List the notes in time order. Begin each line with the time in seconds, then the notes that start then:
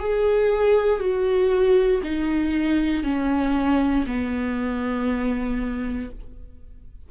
0.00 G#4
1.00 F#4
2.03 D#4
3.04 C#4
4.07 B3